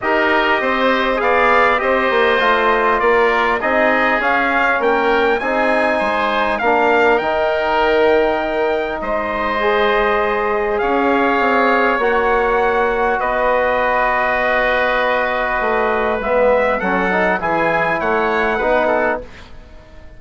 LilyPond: <<
  \new Staff \with { instrumentName = "trumpet" } { \time 4/4 \tempo 4 = 100 dis''2 f''4 dis''4~ | dis''4 d''4 dis''4 f''4 | g''4 gis''2 f''4 | g''2. dis''4~ |
dis''2 f''2 | fis''2 dis''2~ | dis''2. e''4 | fis''4 gis''4 fis''2 | }
  \new Staff \with { instrumentName = "oboe" } { \time 4/4 ais'4 c''4 d''4 c''4~ | c''4 ais'4 gis'2 | ais'4 gis'4 c''4 ais'4~ | ais'2. c''4~ |
c''2 cis''2~ | cis''2 b'2~ | b'1 | a'4 gis'4 cis''4 b'8 a'8 | }
  \new Staff \with { instrumentName = "trombone" } { \time 4/4 g'2 gis'4 g'4 | f'2 dis'4 cis'4~ | cis'4 dis'2 d'4 | dis'1 |
gis'1 | fis'1~ | fis'2. b4 | cis'8 dis'8 e'2 dis'4 | }
  \new Staff \with { instrumentName = "bassoon" } { \time 4/4 dis'4 c'4 b4 c'8 ais8 | a4 ais4 c'4 cis'4 | ais4 c'4 gis4 ais4 | dis2. gis4~ |
gis2 cis'4 c'4 | ais2 b2~ | b2 a4 gis4 | fis4 e4 a4 b4 | }
>>